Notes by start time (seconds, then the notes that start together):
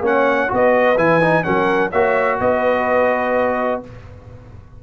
0.00 A#3 C#4 C#5 F#5
0.48 B3 F#4 B4
0.54 D#5
0.97 E3 E4 G#5
1.21 D#4
1.43 F#3 C#4 A#4 F#5
1.90 A#3 F#4 C#5 E5
2.40 B3 B4 D#5